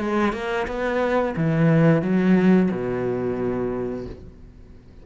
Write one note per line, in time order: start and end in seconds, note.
0.00 0.33 G#3
0.33 0.67 A#3
0.68 1.35 B3
1.37 2.02 E3
2.02 2.70 F#3
2.71 4.06 B2